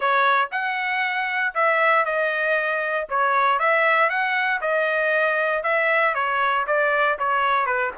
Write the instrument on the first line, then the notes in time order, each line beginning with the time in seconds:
trumpet
0.00 C#5
0.51 F#5
1.54 E5
2.05 D#5
3.09 C#5
3.59 E5
4.09 F#5
4.61 D#5
5.63 E5
6.14 C#5
6.66 D5
7.18 C#5
7.66 B4